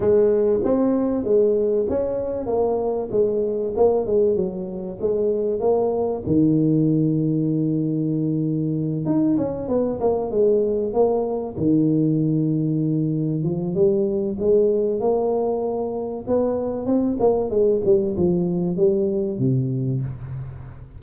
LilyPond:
\new Staff \with { instrumentName = "tuba" } { \time 4/4 \tempo 4 = 96 gis4 c'4 gis4 cis'4 | ais4 gis4 ais8 gis8 fis4 | gis4 ais4 dis2~ | dis2~ dis8 dis'8 cis'8 b8 |
ais8 gis4 ais4 dis4.~ | dis4. f8 g4 gis4 | ais2 b4 c'8 ais8 | gis8 g8 f4 g4 c4 | }